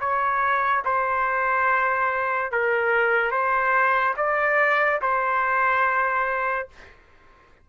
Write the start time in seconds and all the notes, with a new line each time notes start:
0.00 C#5
0.85 C5
2.52 A#4
3.31 C5
4.17 D5
5.02 C5